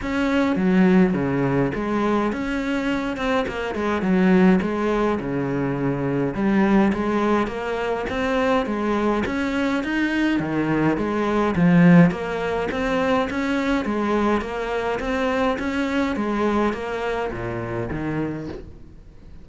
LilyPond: \new Staff \with { instrumentName = "cello" } { \time 4/4 \tempo 4 = 104 cis'4 fis4 cis4 gis4 | cis'4. c'8 ais8 gis8 fis4 | gis4 cis2 g4 | gis4 ais4 c'4 gis4 |
cis'4 dis'4 dis4 gis4 | f4 ais4 c'4 cis'4 | gis4 ais4 c'4 cis'4 | gis4 ais4 ais,4 dis4 | }